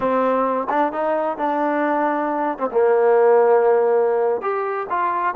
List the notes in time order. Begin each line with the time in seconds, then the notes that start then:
0.00 C4
0.69 D4
0.92 D#4
1.37 D4
2.58 C4
2.71 A#3
4.41 G4
4.89 F4